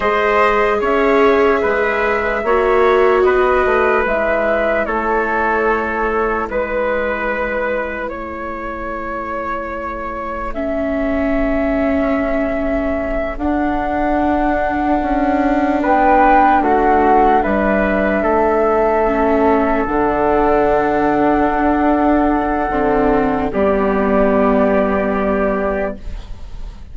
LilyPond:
<<
  \new Staff \with { instrumentName = "flute" } { \time 4/4 \tempo 4 = 74 dis''4 e''2. | dis''4 e''4 cis''2 | b'2 cis''2~ | cis''4 e''2.~ |
e''8 fis''2. g''8~ | g''8 fis''4 e''2~ e''8~ | e''8 fis''2.~ fis''8~ | fis''4 d''2. | }
  \new Staff \with { instrumentName = "trumpet" } { \time 4/4 c''4 cis''4 b'4 cis''4 | b'2 a'2 | b'2 a'2~ | a'1~ |
a'2.~ a'8 b'8~ | b'8 fis'4 b'4 a'4.~ | a'1~ | a'4 g'2. | }
  \new Staff \with { instrumentName = "viola" } { \time 4/4 gis'2. fis'4~ | fis'4 e'2.~ | e'1~ | e'4 cis'2.~ |
cis'8 d'2.~ d'8~ | d'2.~ d'8 cis'8~ | cis'8 d'2.~ d'8 | c'4 b2. | }
  \new Staff \with { instrumentName = "bassoon" } { \time 4/4 gis4 cis'4 gis4 ais4 | b8 a8 gis4 a2 | gis2 a2~ | a1~ |
a8 d'2 cis'4 b8~ | b8 a4 g4 a4.~ | a8 d2 d'4. | d4 g2. | }
>>